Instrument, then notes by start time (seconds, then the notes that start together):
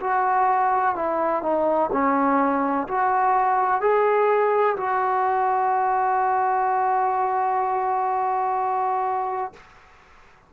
trombone
0.00 F#4
0.95 E4
1.42 D#4
1.92 C#4
2.87 F#4
3.81 G#4
4.77 F#4